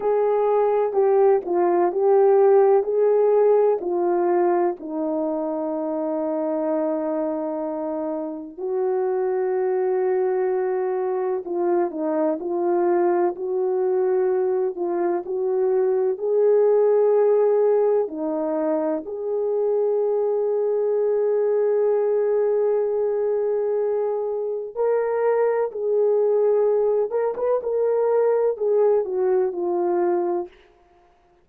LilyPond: \new Staff \with { instrumentName = "horn" } { \time 4/4 \tempo 4 = 63 gis'4 g'8 f'8 g'4 gis'4 | f'4 dis'2.~ | dis'4 fis'2. | f'8 dis'8 f'4 fis'4. f'8 |
fis'4 gis'2 dis'4 | gis'1~ | gis'2 ais'4 gis'4~ | gis'8 ais'16 b'16 ais'4 gis'8 fis'8 f'4 | }